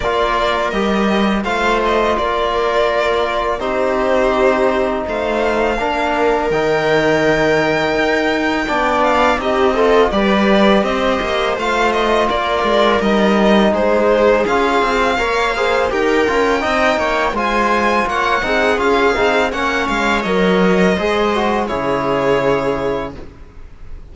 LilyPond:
<<
  \new Staff \with { instrumentName = "violin" } { \time 4/4 \tempo 4 = 83 d''4 dis''4 f''8 dis''8 d''4~ | d''4 c''2 f''4~ | f''4 g''2.~ | g''8 f''8 dis''4 d''4 dis''4 |
f''8 dis''8 d''4 dis''4 c''4 | f''2 g''2 | gis''4 fis''4 f''4 fis''8 f''8 | dis''2 cis''2 | }
  \new Staff \with { instrumentName = "viola" } { \time 4/4 ais'2 c''4 ais'4~ | ais'4 g'2 c''4 | ais'1 | d''4 g'8 a'8 b'4 c''4~ |
c''4 ais'2 gis'4~ | gis'4 cis''8 c''8 ais'4 dis''8 cis''8 | c''4 cis''8 gis'4. cis''4~ | cis''4 c''4 gis'2 | }
  \new Staff \with { instrumentName = "trombone" } { \time 4/4 f'4 g'4 f'2~ | f'4 dis'2. | d'4 dis'2. | d'4 dis'8 f'8 g'2 |
f'2 dis'2 | f'4 ais'8 gis'8 g'8 f'8 dis'4 | f'4. dis'8 f'8 dis'8 cis'4 | ais'4 gis'8 fis'8 e'2 | }
  \new Staff \with { instrumentName = "cello" } { \time 4/4 ais4 g4 a4 ais4~ | ais4 c'2 a4 | ais4 dis2 dis'4 | b4 c'4 g4 c'8 ais8 |
a4 ais8 gis8 g4 gis4 | cis'8 c'8 ais4 dis'8 cis'8 c'8 ais8 | gis4 ais8 c'8 cis'8 c'8 ais8 gis8 | fis4 gis4 cis2 | }
>>